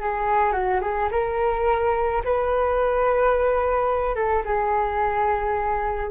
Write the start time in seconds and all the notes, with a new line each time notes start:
0.00 G#4
0.52 F#4
0.81 G#4
1.11 A#4
2.24 B4
4.15 A4
4.45 G#4